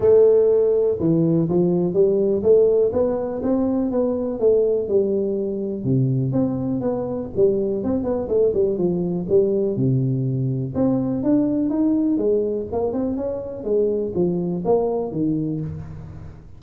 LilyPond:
\new Staff \with { instrumentName = "tuba" } { \time 4/4 \tempo 4 = 123 a2 e4 f4 | g4 a4 b4 c'4 | b4 a4 g2 | c4 c'4 b4 g4 |
c'8 b8 a8 g8 f4 g4 | c2 c'4 d'4 | dis'4 gis4 ais8 c'8 cis'4 | gis4 f4 ais4 dis4 | }